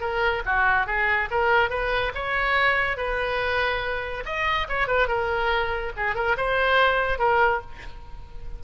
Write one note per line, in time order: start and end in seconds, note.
0.00 0.42 A#4
0.45 0.86 F#4
0.86 1.29 G#4
1.30 1.70 A#4
1.70 2.12 B4
2.14 2.97 C#5
2.97 4.23 B4
4.25 4.67 D#5
4.68 4.87 C#5
4.87 5.08 B4
5.08 5.92 A#4
5.96 6.15 G#4
6.15 6.36 A#4
6.37 7.18 C5
7.18 7.61 A#4